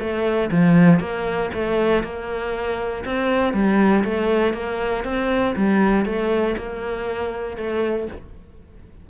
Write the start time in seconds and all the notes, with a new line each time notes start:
0.00 A3
0.51 F3
1.00 A#3
1.54 A3
2.04 A#3
3.05 C4
3.53 G3
4.04 A3
4.54 A#3
5.04 C4
5.56 G3
6.05 A3
6.57 A#3
7.57 A3